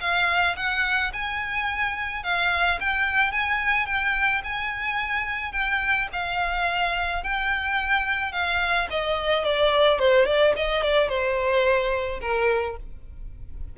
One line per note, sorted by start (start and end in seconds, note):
0.00 0.56 F5
0.56 1.11 F#5
1.13 2.23 G#5
2.23 2.79 F5
2.80 3.31 G5
3.31 3.86 G#5
3.86 4.41 G5
4.43 5.52 G#5
5.52 6.07 G5
6.12 7.23 F5
7.23 8.32 G5
8.32 8.88 F5
8.90 9.44 D#5
9.44 9.99 D5
9.99 10.26 C5
10.26 10.53 D5
10.56 10.82 D#5
10.82 11.08 D5
11.08 12.19 C5
12.21 12.76 A#4